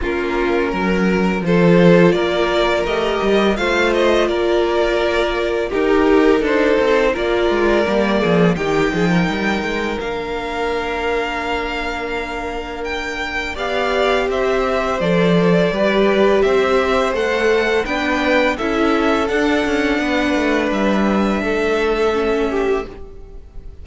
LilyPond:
<<
  \new Staff \with { instrumentName = "violin" } { \time 4/4 \tempo 4 = 84 ais'2 c''4 d''4 | dis''4 f''8 dis''8 d''2 | ais'4 c''4 d''2 | g''2 f''2~ |
f''2 g''4 f''4 | e''4 d''2 e''4 | fis''4 g''4 e''4 fis''4~ | fis''4 e''2. | }
  \new Staff \with { instrumentName = "violin" } { \time 4/4 f'4 ais'4 a'4 ais'4~ | ais'4 c''4 ais'2 | g'4 a'4 ais'4. gis'8 | g'8 gis'16 ais'2.~ ais'16~ |
ais'2. d''4 | c''2 b'4 c''4~ | c''4 b'4 a'2 | b'2 a'4. g'8 | }
  \new Staff \with { instrumentName = "viola" } { \time 4/4 cis'2 f'2 | g'4 f'2. | dis'2 f'4 ais4 | dis'2 d'2~ |
d'2. g'4~ | g'4 a'4 g'2 | a'4 d'4 e'4 d'4~ | d'2. cis'4 | }
  \new Staff \with { instrumentName = "cello" } { \time 4/4 ais4 fis4 f4 ais4 | a8 g8 a4 ais2 | dis'4 d'8 c'8 ais8 gis8 g8 f8 | dis8 f8 g8 gis8 ais2~ |
ais2. b4 | c'4 f4 g4 c'4 | a4 b4 cis'4 d'8 cis'8 | b8 a8 g4 a2 | }
>>